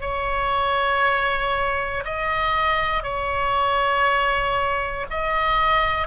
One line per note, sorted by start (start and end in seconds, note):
0.00 2.03 C#5
2.04 3.03 D#5
3.03 5.06 C#5
5.10 6.07 D#5